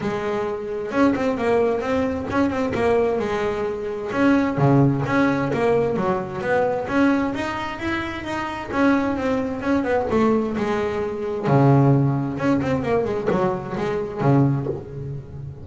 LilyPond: \new Staff \with { instrumentName = "double bass" } { \time 4/4 \tempo 4 = 131 gis2 cis'8 c'8 ais4 | c'4 cis'8 c'8 ais4 gis4~ | gis4 cis'4 cis4 cis'4 | ais4 fis4 b4 cis'4 |
dis'4 e'4 dis'4 cis'4 | c'4 cis'8 b8 a4 gis4~ | gis4 cis2 cis'8 c'8 | ais8 gis8 fis4 gis4 cis4 | }